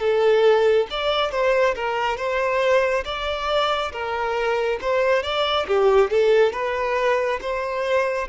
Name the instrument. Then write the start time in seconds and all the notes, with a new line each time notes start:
violin
0.00 A4
0.90 D5
1.31 C5
1.75 A#4
2.17 C5
3.05 D5
3.92 A#4
4.81 C5
5.23 D5
5.67 G4
6.10 A4
6.53 B4
7.41 C5